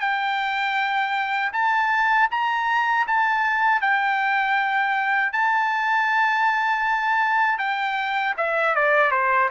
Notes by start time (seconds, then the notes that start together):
0.00 G5
1.53 A5
2.31 A#5
3.07 A5
3.81 G5
5.32 A5
7.58 G5
8.37 E5
8.75 D5
9.11 C5